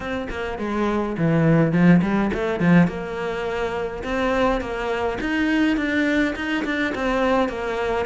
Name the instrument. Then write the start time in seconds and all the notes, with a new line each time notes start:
cello
0.00 C4
0.30 A#3
0.58 G#3
1.17 E3
1.72 F3
2.02 G3
2.33 A3
2.60 F3
2.87 A#3
4.03 C4
4.60 A#3
5.20 D#4
5.76 D4
6.35 D#4
6.65 D4
6.94 C4
7.48 A#3